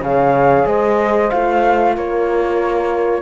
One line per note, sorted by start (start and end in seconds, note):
0.00 0.65 C#3
0.00 1.30 G#4
0.00 0.66 C#5
0.00 0.67 F5
0.66 1.31 G#3
0.66 1.95 C5
0.66 1.30 D#5
1.30 1.97 A3
1.30 3.22 F4
1.30 1.94 F5
1.96 3.22 A#3
1.96 3.22 A#4
1.96 3.22 C#5